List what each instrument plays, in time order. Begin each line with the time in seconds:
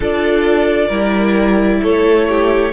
0.00 cello D4, viola F4, violin A4 D5
0.87 cello G3, viola E4, violin A#4
1.82 cello A3, violin A4 C#5
2.28 violin G4